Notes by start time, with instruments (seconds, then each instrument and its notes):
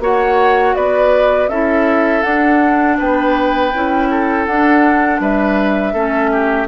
0.00 bassoon A#3, clarinet F#4, oboe C#5, flute F#5
0.75 bassoon B3, oboe B4, flute D5
1.48 bassoon C#4, clarinet E4, oboe A4, flute E5
2.23 clarinet D4, bassoon D4, flute F#5
2.98 bassoon B3, oboe B4, flute G5
3.74 bassoon C#4, clarinet E4
4.11 oboe A4
4.46 bassoon D4, clarinet D4, flute F#5
5.20 bassoon G3, oboe B4, flute E5
5.94 bassoon A3, clarinet C#4, oboe A4
6.32 oboe G4